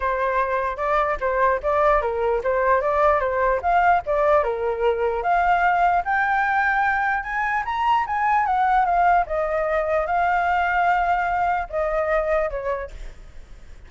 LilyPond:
\new Staff \with { instrumentName = "flute" } { \time 4/4 \tempo 4 = 149 c''2 d''4 c''4 | d''4 ais'4 c''4 d''4 | c''4 f''4 d''4 ais'4~ | ais'4 f''2 g''4~ |
g''2 gis''4 ais''4 | gis''4 fis''4 f''4 dis''4~ | dis''4 f''2.~ | f''4 dis''2 cis''4 | }